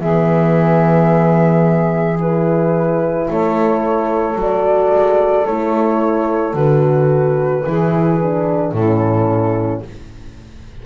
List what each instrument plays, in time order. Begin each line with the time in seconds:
0.00 double bass E3, horn B3, saxophone G#4, flute E5
2.17 horn E4, flute B4
3.30 double bass A3, saxophone A4, flute C#5
4.35 double bass F#3, horn F#4
4.41 flute D5
4.94 double bass G#3
5.46 double bass A3, horn E4, flute C#5
6.54 double bass D3, horn F#4, flute B4
7.65 double bass E3, horn E4, saxophone G#4
8.22 horn D4
8.72 double bass A2, horn C#4, saxophone E4, flute A4